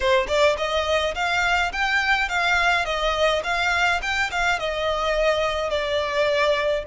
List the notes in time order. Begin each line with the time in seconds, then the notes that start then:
0.00 C5
0.27 D5
0.57 D#5
1.15 F5
1.72 G5
2.28 F5
2.85 D#5
3.43 F5
4.02 G5
4.31 F5
4.59 D#5
5.69 D5